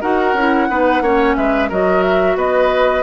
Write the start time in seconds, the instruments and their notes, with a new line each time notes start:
0.00 bassoon D#4, clarinet F#4, oboe A#4, flute F#5
0.33 bassoon C#4, clarinet E4
0.69 bassoon B3, clarinet D#4, oboe B4
1.01 bassoon A#3, clarinet C#4, oboe C#5
1.36 bassoon G#3, oboe B4, flute E5
1.69 bassoon F#3, clarinet F#4, oboe A#4, flute D#5
2.02 flute E5
2.36 bassoon B3, oboe B4, flute D#5